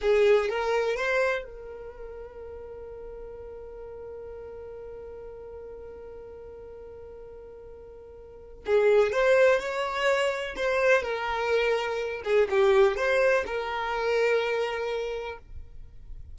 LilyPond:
\new Staff \with { instrumentName = "violin" } { \time 4/4 \tempo 4 = 125 gis'4 ais'4 c''4 ais'4~ | ais'1~ | ais'1~ | ais'1~ |
ais'2 gis'4 c''4 | cis''2 c''4 ais'4~ | ais'4. gis'8 g'4 c''4 | ais'1 | }